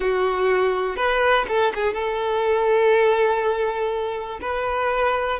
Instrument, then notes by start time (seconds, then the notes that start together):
violin
0.00 F#4
0.96 B4
1.48 A4
1.75 G#4
1.93 A4
4.41 B4